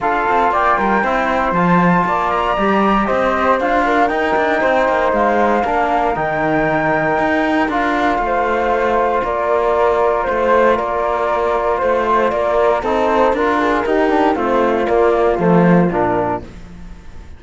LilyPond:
<<
  \new Staff \with { instrumentName = "flute" } { \time 4/4 \tempo 4 = 117 f''4 g''2 a''4~ | a''8 ais''4. dis''4 f''4 | g''2 f''2 | g''2. f''4~ |
f''2 d''2 | c''4 d''2 c''4 | d''4 c''4 ais'2 | c''4 d''4 c''4 ais'4 | }
  \new Staff \with { instrumentName = "flute" } { \time 4/4 a'4 d''8 ais'8 c''2 | d''2 c''4. ais'8~ | ais'4 c''2 ais'4~ | ais'1 |
c''2 ais'2 | c''4 ais'2 c''4 | ais'4 a'4 ais'8 gis'8 g'4 | f'1 | }
  \new Staff \with { instrumentName = "trombone" } { \time 4/4 f'2 e'4 f'4~ | f'4 g'2 f'4 | dis'2. d'4 | dis'2. f'4~ |
f'1~ | f'1~ | f'4 dis'4 f'4 dis'8 d'8 | c'4 ais4 a4 d'4 | }
  \new Staff \with { instrumentName = "cello" } { \time 4/4 d'8 c'8 ais8 g8 c'4 f4 | ais4 g4 c'4 d'4 | dis'8 d'8 c'8 ais8 gis4 ais4 | dis2 dis'4 d'4 |
a2 ais2 | a4 ais2 a4 | ais4 c'4 d'4 dis'4 | a4 ais4 f4 ais,4 | }
>>